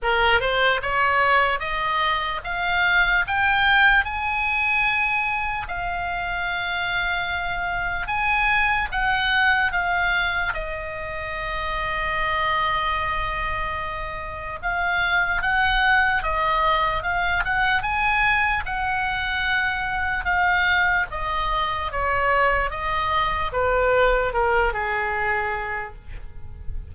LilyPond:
\new Staff \with { instrumentName = "oboe" } { \time 4/4 \tempo 4 = 74 ais'8 c''8 cis''4 dis''4 f''4 | g''4 gis''2 f''4~ | f''2 gis''4 fis''4 | f''4 dis''2.~ |
dis''2 f''4 fis''4 | dis''4 f''8 fis''8 gis''4 fis''4~ | fis''4 f''4 dis''4 cis''4 | dis''4 b'4 ais'8 gis'4. | }